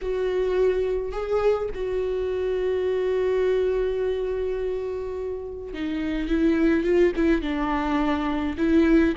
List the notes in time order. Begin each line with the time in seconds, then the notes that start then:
0.01 F#4
1.11 G#4
1.74 F#4
5.73 D#4
6.28 E4
6.83 F4
7.16 E4
7.41 D4
8.57 E4